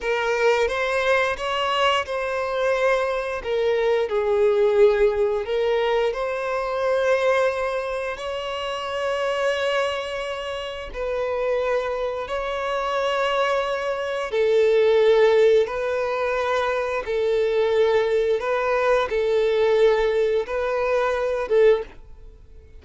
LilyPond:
\new Staff \with { instrumentName = "violin" } { \time 4/4 \tempo 4 = 88 ais'4 c''4 cis''4 c''4~ | c''4 ais'4 gis'2 | ais'4 c''2. | cis''1 |
b'2 cis''2~ | cis''4 a'2 b'4~ | b'4 a'2 b'4 | a'2 b'4. a'8 | }